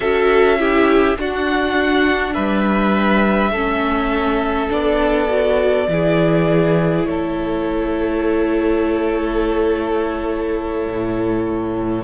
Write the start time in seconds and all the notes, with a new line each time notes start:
0.00 C#4 F#4 A4 E5
0.58 E4 G4
1.17 D4 F#4 F#5
2.33 G3 B4 E5
3.51 A3 C#4 A4
4.69 B3 D4 D5
5.28 F#4
5.87 E3 E4 G#4
7.05 A3 A4 C#5
10.87 A2